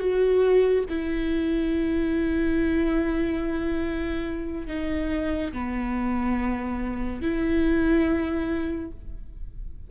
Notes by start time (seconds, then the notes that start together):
0.00 F#4
0.90 E4
4.68 D#4
5.53 B3
7.22 E4